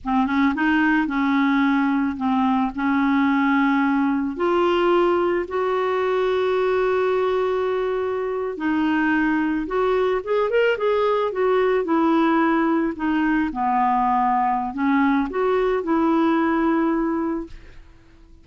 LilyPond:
\new Staff \with { instrumentName = "clarinet" } { \time 4/4 \tempo 4 = 110 c'8 cis'8 dis'4 cis'2 | c'4 cis'2. | f'2 fis'2~ | fis'2.~ fis'8. dis'16~ |
dis'4.~ dis'16 fis'4 gis'8 ais'8 gis'16~ | gis'8. fis'4 e'2 dis'16~ | dis'8. b2~ b16 cis'4 | fis'4 e'2. | }